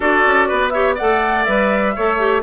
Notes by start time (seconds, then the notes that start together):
0.00 D4 F#4 A4 D5
0.25 C#4
0.48 B3 B4
0.69 G4 C#5 E5
0.94 A4 D5 F#5
1.00 A3
1.44 G3 B4 E5
1.95 A3 A4 C#5
2.18 G4